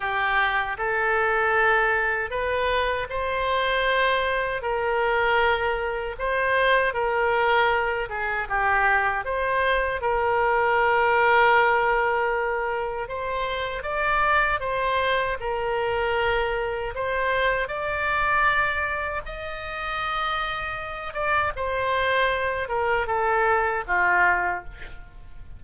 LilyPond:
\new Staff \with { instrumentName = "oboe" } { \time 4/4 \tempo 4 = 78 g'4 a'2 b'4 | c''2 ais'2 | c''4 ais'4. gis'8 g'4 | c''4 ais'2.~ |
ais'4 c''4 d''4 c''4 | ais'2 c''4 d''4~ | d''4 dis''2~ dis''8 d''8 | c''4. ais'8 a'4 f'4 | }